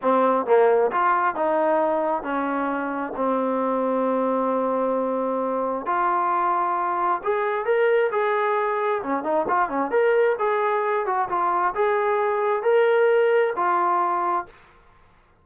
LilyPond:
\new Staff \with { instrumentName = "trombone" } { \time 4/4 \tempo 4 = 133 c'4 ais4 f'4 dis'4~ | dis'4 cis'2 c'4~ | c'1~ | c'4 f'2. |
gis'4 ais'4 gis'2 | cis'8 dis'8 f'8 cis'8 ais'4 gis'4~ | gis'8 fis'8 f'4 gis'2 | ais'2 f'2 | }